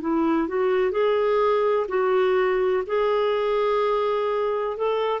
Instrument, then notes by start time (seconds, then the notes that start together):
clarinet
0.00 E4
0.48 F#4
0.91 G#4
1.88 F#4
2.86 G#4
4.76 A4